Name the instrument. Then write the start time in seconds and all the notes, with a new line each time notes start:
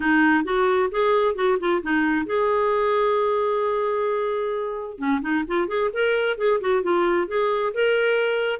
clarinet
0.00 D#4
0.44 F#4
0.91 G#4
1.35 F#4
1.59 F4
1.82 D#4
2.26 G#4
4.98 C#4
5.21 D#4
5.47 F4
5.67 G#4
5.93 A#4
6.37 G#4
6.61 F#4
6.82 F4
7.27 G#4
7.74 A#4